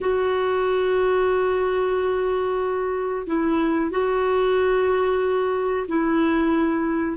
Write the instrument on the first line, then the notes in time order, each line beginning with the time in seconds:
clarinet
0.00 F#4
3.26 E4
3.90 F#4
5.88 E4